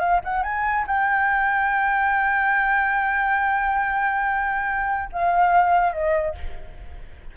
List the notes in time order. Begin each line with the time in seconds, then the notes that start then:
0.00 F5
0.25 F#5
0.43 G#5
0.88 G5
5.12 F5
5.93 D#5